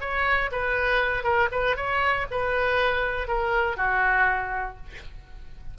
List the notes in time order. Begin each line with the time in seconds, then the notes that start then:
0.00 C#5
0.51 B4
1.24 A#4
1.51 B4
1.76 C#5
2.30 B4
3.27 A#4
3.76 F#4